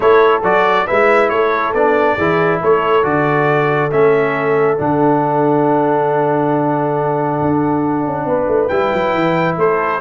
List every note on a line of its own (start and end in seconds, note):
0.00 0.42 A3
0.00 0.41 E4
0.00 0.87 A4
0.00 0.42 C#5
0.42 0.86 F#3
0.42 0.87 F#4
0.42 0.87 D5
0.87 1.30 G#3
0.87 1.75 E4
0.87 1.30 B4
0.87 1.29 E5
1.29 1.73 A3
1.29 2.16 A4
1.29 1.72 C#5
1.73 2.17 B3
1.73 2.18 D4
1.73 2.61 D5
2.16 2.61 E3
2.16 3.02 E4
2.16 2.59 G#4
2.61 3.04 A3
2.61 8.26 A4
2.61 3.04 C#5
3.02 3.91 D3
3.02 3.89 F#4
3.02 3.91 D5
3.91 4.78 A3
3.91 4.78 C#4
3.91 4.78 E5
4.78 7.41 D3
4.78 8.69 D4
4.78 8.67 F#5
7.41 8.06 D4
8.06 8.25 C#4
8.25 8.46 B3
8.25 9.56 B4
8.47 8.69 A3
8.67 8.92 G3
8.67 10.00 E4
8.67 9.54 G5
8.93 9.14 F#3
9.14 9.57 E3
9.57 10.00 A3
9.57 10.00 A4
9.57 10.00 C5